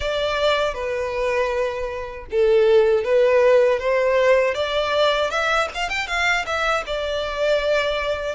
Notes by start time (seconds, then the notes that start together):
0.00 D5
0.74 B4
2.31 A4
3.04 B4
3.79 C5
4.54 D5
5.30 E5
5.74 F5
5.89 G5
6.07 F5
6.46 E5
6.86 D5